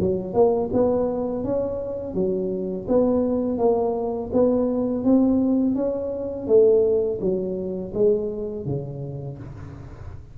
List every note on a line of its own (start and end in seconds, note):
0.00 0.34 F#3
0.34 0.70 A#3
0.73 1.44 B3
1.44 2.14 C#4
2.14 2.87 F#3
2.88 3.58 B3
3.58 4.30 A#3
4.33 5.04 B3
5.04 5.75 C4
5.75 6.47 C#4
6.47 7.20 A3
7.21 7.93 F#3
7.94 8.66 G#3
8.66 9.38 C#3